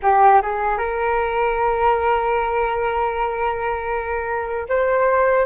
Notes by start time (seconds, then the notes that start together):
0.02 G4
0.41 G#4
0.78 A#4
4.69 C5